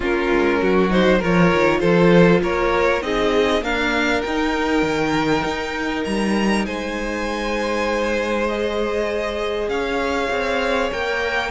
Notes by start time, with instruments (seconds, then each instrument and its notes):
0.00 cello A#3, viola C#4, violin F4 A#4
0.31 cello G#3
0.61 cello F#3, violin F#4
0.90 viola D#4, violin C5
1.18 cello F3, viola F4, violin A#4 C#5
1.53 cello D#3
1.80 cello F3, violin A4 C5
2.41 cello A#3, violin A#4 C#5
3.02 cello C4, viola D#4, violin G#4 D#5
3.61 viola A#3, cello D4, violin A#4 F5
4.21 cello D#4, viola D#4, violin G5
4.82 cello D#3
5.44 cello D#4
6.04 cello G3, violin A#5
6.65 cello G#3, violin C5 G#5
8.48 viola G#4, violin D#5
9.68 cello C#4, violin C#5 F5
10.29 cello C4
10.91 cello A#3, viola A#4, violin G5